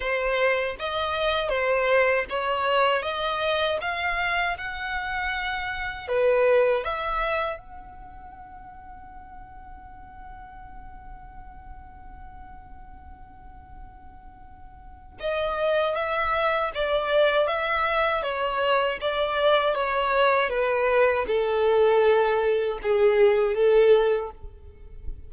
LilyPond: \new Staff \with { instrumentName = "violin" } { \time 4/4 \tempo 4 = 79 c''4 dis''4 c''4 cis''4 | dis''4 f''4 fis''2 | b'4 e''4 fis''2~ | fis''1~ |
fis''1 | dis''4 e''4 d''4 e''4 | cis''4 d''4 cis''4 b'4 | a'2 gis'4 a'4 | }